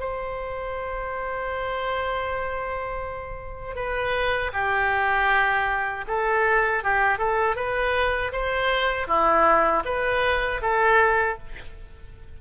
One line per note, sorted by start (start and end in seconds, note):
0.00 3.76 C5
3.76 4.52 B4
4.53 6.05 G4
6.08 6.84 A4
6.84 7.19 G4
7.19 7.56 A4
7.56 8.32 B4
8.32 9.08 C5
9.08 9.84 E4
9.85 10.61 B4
10.62 11.38 A4